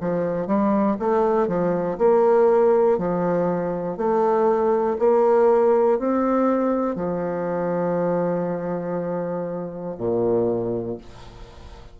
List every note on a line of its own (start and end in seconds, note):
0.00 0.47 F3
0.47 0.97 G3
0.99 1.47 A3
1.47 1.97 F3
1.98 2.98 A#3
2.98 3.97 F3
3.97 4.97 A3
4.98 5.98 A#3
5.99 6.95 C4
6.95 9.95 F3
9.98 10.98 A#2